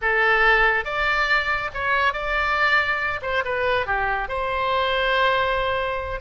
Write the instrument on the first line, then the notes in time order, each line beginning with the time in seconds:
oboe
0.01 A4
0.84 D5
1.74 C#5
2.13 D5
3.22 C5
3.45 B4
3.86 G4
4.28 C5